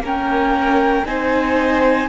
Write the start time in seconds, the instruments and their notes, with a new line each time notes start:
0.00 cello A#3, viola C#4, violin A#4
0.07 flute G5
1.05 cello C4, viola D#4, violin C5, flute G#5